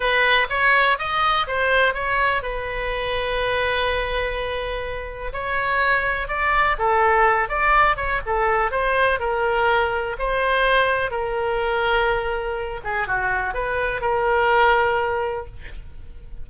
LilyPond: \new Staff \with { instrumentName = "oboe" } { \time 4/4 \tempo 4 = 124 b'4 cis''4 dis''4 c''4 | cis''4 b'2.~ | b'2. cis''4~ | cis''4 d''4 a'4. d''8~ |
d''8 cis''8 a'4 c''4 ais'4~ | ais'4 c''2 ais'4~ | ais'2~ ais'8 gis'8 fis'4 | b'4 ais'2. | }